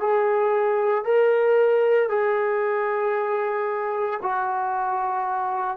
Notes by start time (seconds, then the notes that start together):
0.00 G#4
1.05 A#4
2.10 G#4
4.22 F#4